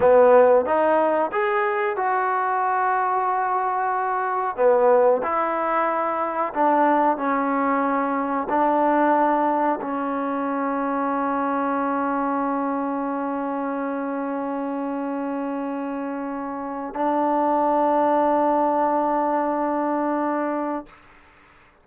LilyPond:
\new Staff \with { instrumentName = "trombone" } { \time 4/4 \tempo 4 = 92 b4 dis'4 gis'4 fis'4~ | fis'2. b4 | e'2 d'4 cis'4~ | cis'4 d'2 cis'4~ |
cis'1~ | cis'1~ | cis'2 d'2~ | d'1 | }